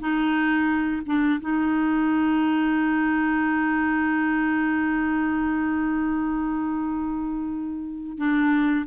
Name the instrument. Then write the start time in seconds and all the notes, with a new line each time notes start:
clarinet
0.00 D#4
1.06 D4
1.41 D#4
8.18 D4